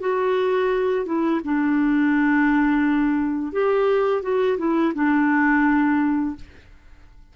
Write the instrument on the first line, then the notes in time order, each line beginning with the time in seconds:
clarinet
0.00 F#4
1.06 E4
1.44 D4
3.53 G4
4.23 F#4
4.58 E4
4.94 D4